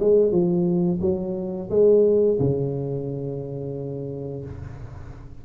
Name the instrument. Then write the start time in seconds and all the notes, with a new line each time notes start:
tuba
0.00 G#3
0.32 F3
1.01 F#3
1.70 G#3
2.40 C#3